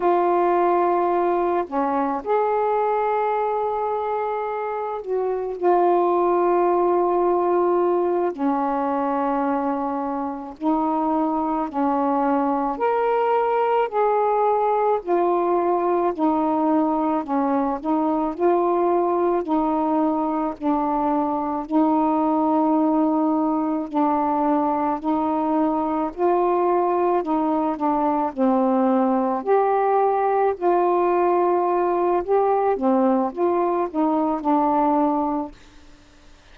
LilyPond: \new Staff \with { instrumentName = "saxophone" } { \time 4/4 \tempo 4 = 54 f'4. cis'8 gis'2~ | gis'8 fis'8 f'2~ f'8 cis'8~ | cis'4. dis'4 cis'4 ais'8~ | ais'8 gis'4 f'4 dis'4 cis'8 |
dis'8 f'4 dis'4 d'4 dis'8~ | dis'4. d'4 dis'4 f'8~ | f'8 dis'8 d'8 c'4 g'4 f'8~ | f'4 g'8 c'8 f'8 dis'8 d'4 | }